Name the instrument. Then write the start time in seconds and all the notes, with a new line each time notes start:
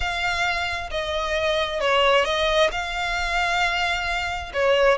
violin
0.00 F5
0.90 D#5
1.80 C#5
2.24 D#5
2.71 F5
4.53 C#5